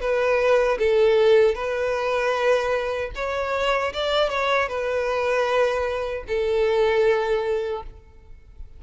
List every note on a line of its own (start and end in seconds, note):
0.00 0.78 B4
0.79 1.55 A4
1.55 3.11 B4
3.15 3.93 C#5
3.93 4.30 D5
4.30 4.68 C#5
4.68 6.24 B4
6.27 7.83 A4